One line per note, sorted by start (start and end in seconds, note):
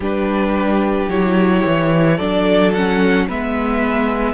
0.00 1.07 G3
0.00 1.10 D4
0.00 2.16 G4
0.00 1.09 B4
1.08 1.63 F#3
1.08 2.19 E4
1.08 2.17 C#5
1.66 2.19 E3
2.16 3.28 F#3
2.16 2.74 D4
2.16 3.25 A4
2.16 2.72 D5
2.72 3.29 C#4
2.72 3.27 F#5
3.27 4.33 G#3
3.27 4.33 B3
3.27 4.33 B4
3.27 4.33 E5